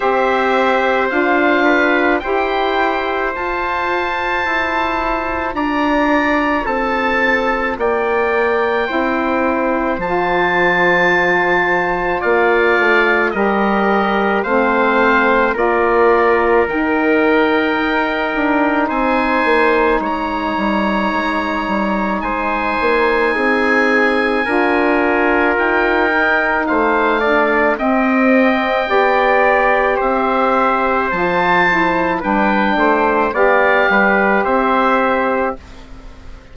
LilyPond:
<<
  \new Staff \with { instrumentName = "oboe" } { \time 4/4 \tempo 4 = 54 e''4 f''4 g''4 a''4~ | a''4 ais''4 a''4 g''4~ | g''4 a''2 f''4 | dis''4 f''4 d''4 g''4~ |
g''4 gis''4 ais''2 | gis''2. g''4 | f''4 g''2 e''4 | a''4 g''4 f''4 e''4 | }
  \new Staff \with { instrumentName = "trumpet" } { \time 4/4 c''4. b'8 c''2~ | c''4 d''4 a'4 d''4 | c''2. d''4 | ais'4 c''4 ais'2~ |
ais'4 c''4 cis''2 | c''4 gis'4 ais'2 | c''8 d''8 dis''4 d''4 c''4~ | c''4 b'8 c''8 d''8 b'8 c''4 | }
  \new Staff \with { instrumentName = "saxophone" } { \time 4/4 g'4 f'4 g'4 f'4~ | f'1 | e'4 f'2. | g'4 c'4 f'4 dis'4~ |
dis'1~ | dis'2 f'4. dis'8~ | dis'8 d'8 c'4 g'2 | f'8 e'8 d'4 g'2 | }
  \new Staff \with { instrumentName = "bassoon" } { \time 4/4 c'4 d'4 e'4 f'4 | e'4 d'4 c'4 ais4 | c'4 f2 ais8 a8 | g4 a4 ais4 dis4 |
dis'8 d'8 c'8 ais8 gis8 g8 gis8 g8 | gis8 ais8 c'4 d'4 dis'4 | a4 c'4 b4 c'4 | f4 g8 a8 b8 g8 c'4 | }
>>